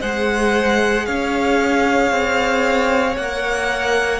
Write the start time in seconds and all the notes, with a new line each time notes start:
0.00 G#3 G#4 C5 F#5
1.05 C#4 C#5 F5
2.11 C4
3.16 A#3 A#4 F#5